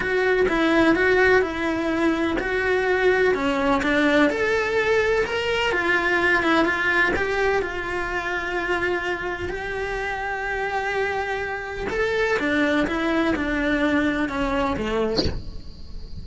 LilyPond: \new Staff \with { instrumentName = "cello" } { \time 4/4 \tempo 4 = 126 fis'4 e'4 fis'4 e'4~ | e'4 fis'2 cis'4 | d'4 a'2 ais'4 | f'4. e'8 f'4 g'4 |
f'1 | g'1~ | g'4 a'4 d'4 e'4 | d'2 cis'4 a4 | }